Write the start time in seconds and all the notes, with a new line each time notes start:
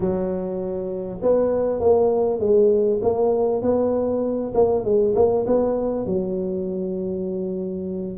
0.00 F#3
1.21 B3
1.80 A#3
2.39 G#3
3.02 A#3
3.62 B3
4.54 A#3
4.84 G#3
5.15 A#3
5.46 B3
6.06 F#3